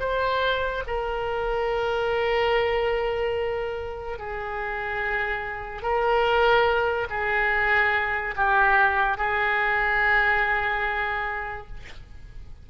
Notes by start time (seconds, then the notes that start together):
0.00 C5
0.87 A#4
4.19 G#4
5.83 A#4
7.10 G#4
8.36 G4
9.17 G#4